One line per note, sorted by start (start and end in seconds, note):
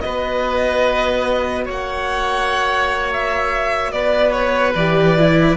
0.00 1.69 B3
0.00 4.75 F#4
0.00 1.65 B4
0.00 1.64 D#5
1.65 3.92 A#3
1.65 3.91 C#5
1.65 3.13 F#5
3.13 3.92 E5
3.92 4.74 B3
3.92 5.57 B4
3.92 4.32 D5
4.32 4.73 C#5
4.75 5.57 E3
4.75 5.18 G4
4.75 5.57 D5
5.18 5.57 E4